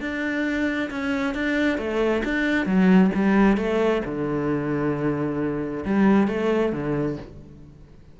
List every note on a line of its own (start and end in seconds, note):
0.00 0.90 D4
0.90 1.34 C#4
1.34 1.77 D4
1.77 2.22 A3
2.24 2.66 D4
2.66 3.10 F#3
3.14 3.57 G3
3.57 4.02 A3
4.05 5.84 D3
5.85 6.27 G3
6.27 6.72 A3
6.72 7.17 D3